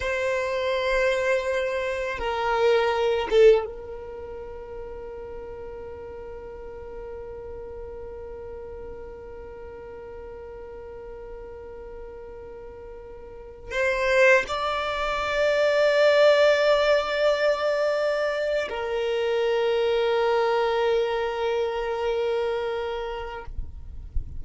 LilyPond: \new Staff \with { instrumentName = "violin" } { \time 4/4 \tempo 4 = 82 c''2. ais'4~ | ais'8 a'8 ais'2.~ | ais'1~ | ais'1~ |
ais'2~ ais'8. c''4 d''16~ | d''1~ | d''4. ais'2~ ais'8~ | ais'1 | }